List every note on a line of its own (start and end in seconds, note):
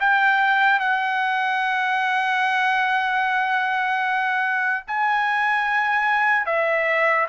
0.00 0.80 G5
0.80 4.85 F#5
4.88 6.46 G#5
6.46 7.27 E5